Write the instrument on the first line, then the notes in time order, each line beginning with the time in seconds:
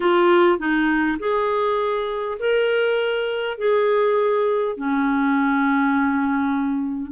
clarinet
0.00 F4
0.58 D#4
1.19 G#4
2.39 A#4
3.58 G#4
4.77 C#4